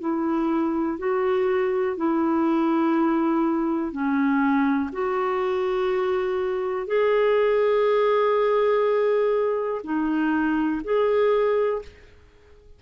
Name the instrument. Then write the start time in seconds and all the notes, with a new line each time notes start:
clarinet
0.00 E4
0.98 F#4
1.97 E4
3.92 C#4
4.92 F#4
6.87 G#4
9.83 D#4
10.84 G#4